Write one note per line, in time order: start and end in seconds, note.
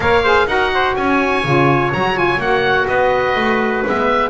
0.00 0.45 A#3
0.00 0.24 A#4
0.00 0.23 C#5
0.00 0.47 F5
0.23 0.47 G#4
0.23 0.47 C5
0.46 0.94 D#4
0.46 1.43 F#4
0.46 0.73 A#4
0.46 0.95 F#5
0.73 0.97 C5
0.95 1.44 C#4
0.95 2.89 C#5
0.95 1.91 G#5
1.44 1.92 C#3
1.44 1.93 F4
1.93 2.38 F#3
1.93 2.14 F#4
1.93 2.17 A#5
2.14 2.38 F4
2.14 2.40 G#5
2.38 2.86 A#3
2.38 3.85 F#4
2.38 2.87 F#5
2.87 3.35 B3
2.87 4.30 B4
2.87 3.83 D#5
3.35 3.83 A3
3.85 4.30 G#3
3.85 4.30 B3
3.85 4.30 E5